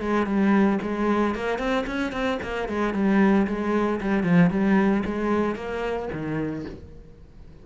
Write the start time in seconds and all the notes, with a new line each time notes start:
0.00 G#3
0.26 G3
0.82 G#3
1.35 A#3
1.58 C4
1.87 C#4
2.12 C4
2.43 A#3
2.69 G#3
2.93 G3
3.47 G#3
4.00 G3
4.23 F3
4.50 G3
5.05 G#3
5.55 A#3
6.12 D#3